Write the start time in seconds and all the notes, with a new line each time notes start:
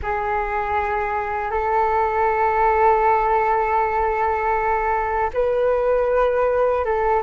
0.02 G#4
1.50 A4
5.33 B4
6.85 A4